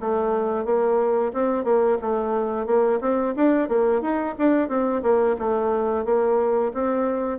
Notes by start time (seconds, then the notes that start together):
0.00 A3
0.65 A#3
1.33 C4
1.64 A#3
2.01 A3
2.66 A#3
3.01 C4
3.36 D4
3.68 A#3
4.01 D#4
4.38 D4
4.68 C4
5.02 A#3
5.38 A3
6.05 A#3
6.73 C4